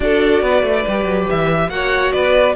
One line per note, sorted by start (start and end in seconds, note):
0.00 0.42 D4
0.00 0.85 F#4
0.00 0.42 A4
0.00 1.29 D5
0.42 0.62 B3
0.42 1.71 B4
0.62 0.84 A3
0.87 1.05 G3
0.87 1.70 G4
1.05 1.26 F#3
1.29 1.68 E3
1.29 1.69 E5
1.68 2.11 A#3
1.68 2.55 F#4
1.68 2.12 C#5
1.68 2.12 F#5
2.12 2.56 B3
2.12 2.55 B4
2.12 2.54 D5